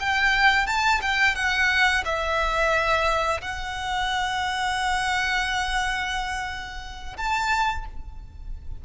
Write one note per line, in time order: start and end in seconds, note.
0.00 0.67 G5
0.67 1.01 A5
1.02 1.36 G5
1.36 2.04 F#5
2.05 3.42 E5
3.42 7.17 F#5
7.17 7.85 A5